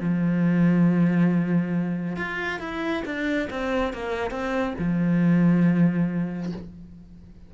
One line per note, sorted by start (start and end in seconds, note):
0.00 2.16 F3
2.16 2.59 F4
2.59 3.03 E4
3.05 3.48 D4
3.50 3.93 C4
3.93 4.31 A#3
4.31 4.74 C4
4.78 6.52 F3